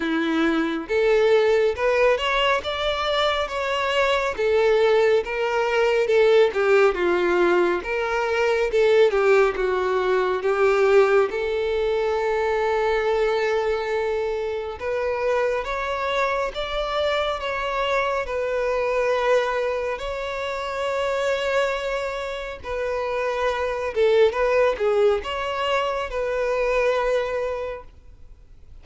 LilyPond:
\new Staff \with { instrumentName = "violin" } { \time 4/4 \tempo 4 = 69 e'4 a'4 b'8 cis''8 d''4 | cis''4 a'4 ais'4 a'8 g'8 | f'4 ais'4 a'8 g'8 fis'4 | g'4 a'2.~ |
a'4 b'4 cis''4 d''4 | cis''4 b'2 cis''4~ | cis''2 b'4. a'8 | b'8 gis'8 cis''4 b'2 | }